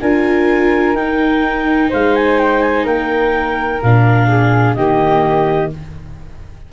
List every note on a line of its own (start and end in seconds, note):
0.00 0.93 D4
0.00 0.96 F4
0.00 1.89 A#4
0.00 0.95 G#5
0.93 1.88 D#4
0.93 3.81 D#4
0.93 1.90 G5
1.89 2.85 G#3
1.89 2.84 C5
1.89 2.15 F5
2.15 2.38 G#5
2.38 2.61 G5
2.61 2.85 G#5
2.84 3.80 A#3
2.84 4.26 A#4
2.84 3.81 G5
3.82 4.76 A#2
3.82 4.77 D4
3.82 4.74 F5
4.27 4.75 G#4
4.74 5.71 D#3
4.74 5.72 A#3
4.74 5.72 G4
4.74 5.69 D#5